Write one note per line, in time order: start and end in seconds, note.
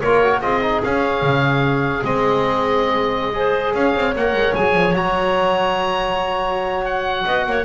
0.00 0.41 A#3
0.00 0.24 F4
0.00 0.41 A#4
0.00 0.40 C#5
0.24 0.43 F#4
0.41 0.81 C4
0.41 0.62 F4
0.41 3.34 G#4
0.41 0.81 D#5
0.62 0.82 D#4
0.83 1.22 C#4
0.83 2.03 C#4
0.83 2.04 F5
1.22 2.03 C#3
2.03 3.74 G#3
2.03 3.33 C4
2.03 3.74 D#5
3.33 4.14 G#4
3.33 3.74 C5
3.74 3.94 C#4
3.74 7.25 C#5
3.74 4.14 F5
3.94 4.14 C4
4.16 4.33 A#3
4.16 4.57 A#4
4.16 4.54 F#5
4.33 4.53 G#3
4.54 4.75 F#3
4.54 4.96 G#4
4.54 4.94 G#5
4.75 4.93 F3
4.93 7.25 F#3
4.93 7.65 F#4
4.93 6.85 A#5
6.85 7.65 F#5
7.25 7.46 B3
7.25 7.46 D#5
7.46 7.65 A#3
7.46 7.65 C#5